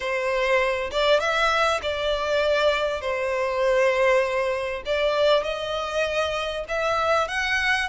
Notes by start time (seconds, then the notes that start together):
0.00 C5
0.91 D5
1.20 E5
1.82 D5
3.01 C5
4.85 D5
5.43 D#5
6.68 E5
7.28 F#5